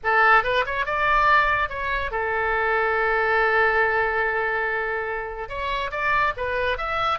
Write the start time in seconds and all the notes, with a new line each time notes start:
0.03 A4
0.43 B4
0.65 C#5
0.85 D5
1.69 C#5
2.11 A4
5.48 C#5
5.91 D5
6.36 B4
6.77 E5